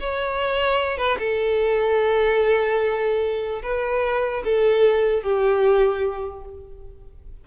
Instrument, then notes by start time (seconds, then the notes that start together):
violin
0.00 C#5
0.97 B4
1.19 A4
3.62 B4
4.44 A4
5.23 G4